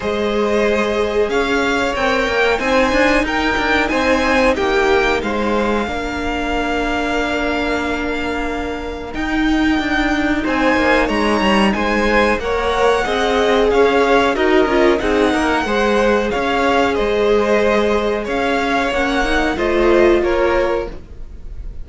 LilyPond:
<<
  \new Staff \with { instrumentName = "violin" } { \time 4/4 \tempo 4 = 92 dis''2 f''4 g''4 | gis''4 g''4 gis''4 g''4 | f''1~ | f''2 g''2 |
gis''4 ais''4 gis''4 fis''4~ | fis''4 f''4 dis''4 fis''4~ | fis''4 f''4 dis''2 | f''4 fis''4 dis''4 cis''4 | }
  \new Staff \with { instrumentName = "violin" } { \time 4/4 c''2 cis''2 | c''4 ais'4 c''4 g'4 | c''4 ais'2.~ | ais'1 |
c''4 cis''4 c''4 cis''4 | dis''4 cis''4 ais'4 gis'8 ais'8 | c''4 cis''4 c''2 | cis''2 c''4 ais'4 | }
  \new Staff \with { instrumentName = "viola" } { \time 4/4 gis'2. ais'4 | dis'1~ | dis'4 d'2.~ | d'2 dis'2~ |
dis'2. ais'4 | gis'2 fis'8 f'8 dis'4 | gis'1~ | gis'4 cis'8 dis'8 f'2 | }
  \new Staff \with { instrumentName = "cello" } { \time 4/4 gis2 cis'4 c'8 ais8 | c'8 d'8 dis'8 d'8 c'4 ais4 | gis4 ais2.~ | ais2 dis'4 d'4 |
c'8 ais8 gis8 g8 gis4 ais4 | c'4 cis'4 dis'8 cis'8 c'8 ais8 | gis4 cis'4 gis2 | cis'4 ais4 a4 ais4 | }
>>